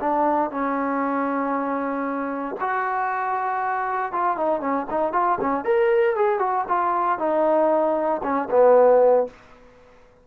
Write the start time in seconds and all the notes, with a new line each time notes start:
0.00 D4
0.51 C#4
2.60 F#4
4.12 F4
4.37 D#4
4.60 C#4
4.90 D#4
5.13 F4
5.41 C#4
5.64 A#4
6.16 G#4
6.39 F#4
6.68 F4
7.18 D#4
8.23 C#4
8.50 B3